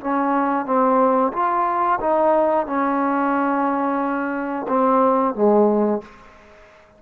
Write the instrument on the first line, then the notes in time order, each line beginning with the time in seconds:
trombone
0.00 C#4
0.65 C4
1.32 F4
2.00 D#4
2.66 C#4
4.68 C4
5.35 G#3